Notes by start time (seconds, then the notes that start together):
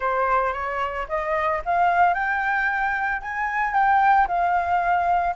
0.00 C5
0.53 C#5
1.08 D#5
1.65 F5
2.14 G5
3.21 G#5
3.73 G5
4.27 F5